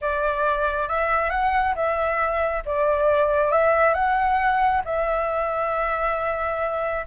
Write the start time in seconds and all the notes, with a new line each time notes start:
0.01 D5
0.88 E5
1.30 F#5
1.75 E5
2.65 D5
3.51 E5
3.93 F#5
4.84 E5